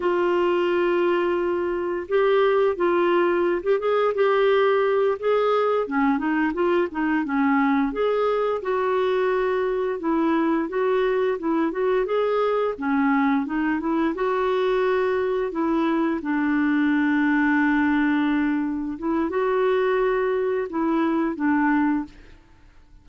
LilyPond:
\new Staff \with { instrumentName = "clarinet" } { \time 4/4 \tempo 4 = 87 f'2. g'4 | f'4~ f'16 g'16 gis'8 g'4. gis'8~ | gis'8 cis'8 dis'8 f'8 dis'8 cis'4 gis'8~ | gis'8 fis'2 e'4 fis'8~ |
fis'8 e'8 fis'8 gis'4 cis'4 dis'8 | e'8 fis'2 e'4 d'8~ | d'2.~ d'8 e'8 | fis'2 e'4 d'4 | }